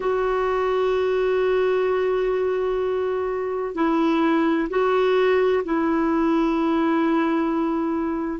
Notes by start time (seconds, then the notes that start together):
0.00 F#4
3.74 E4
4.69 F#4
5.64 E4